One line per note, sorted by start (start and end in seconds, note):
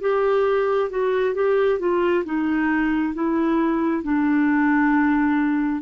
0.00 0.90 G4
0.90 1.34 F#4
1.34 1.79 G4
1.79 2.24 F4
2.25 3.14 D#4
3.14 4.03 E4
4.03 5.82 D4